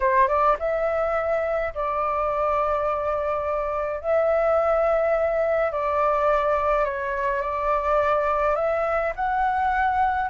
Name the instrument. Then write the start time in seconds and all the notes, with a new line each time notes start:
flute
0.00 C5
0.28 D5
0.59 E5
1.74 D5
4.01 E5
5.71 D5
6.84 C#5
7.41 D5
8.55 E5
9.15 F#5